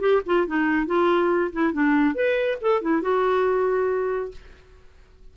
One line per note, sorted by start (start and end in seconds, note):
0.00 0.22 G4
0.26 0.47 F4
0.47 0.87 D#4
0.87 1.51 F4
1.52 1.73 E4
1.73 2.15 D4
2.15 2.58 B4
2.61 2.82 A4
2.82 3.02 E4
3.02 4.32 F#4